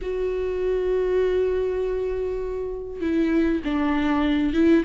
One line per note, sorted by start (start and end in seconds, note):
0.01 3.01 F#4
3.01 3.61 E4
3.64 4.53 D4
4.53 4.83 E4